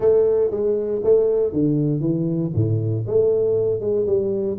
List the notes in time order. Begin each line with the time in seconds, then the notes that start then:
0.00 A3
0.50 G#3
1.03 A3
1.53 D3
2.00 E3
2.54 A2
3.06 A3
3.80 G#3
4.06 G3